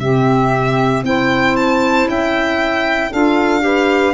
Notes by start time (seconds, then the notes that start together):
0.00 C3 C4 G4 E5
1.04 C4 E4 C5 G5
1.57 A5
2.08 C#4 E5 G5
3.10 D4 F4 A4 F5
3.61 G4 B4